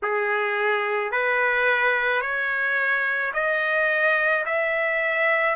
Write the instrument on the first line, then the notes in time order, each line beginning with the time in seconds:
trumpet
0.02 G#4
1.11 B4
2.21 C#5
3.33 D#5
4.45 E5